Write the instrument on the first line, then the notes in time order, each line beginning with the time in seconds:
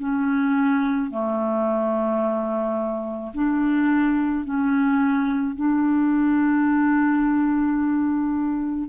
clarinet
0.00 C#4
1.11 A3
3.34 D4
4.45 C#4
5.56 D4